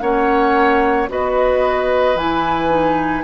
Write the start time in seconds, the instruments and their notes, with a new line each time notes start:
0.00 bassoon A#3, clarinet C#4, oboe C#5, flute F#5
1.08 bassoon B3, clarinet F#4, oboe B4, flute D#5
2.15 bassoon E3, clarinet E4, flute G#5
2.70 clarinet D#4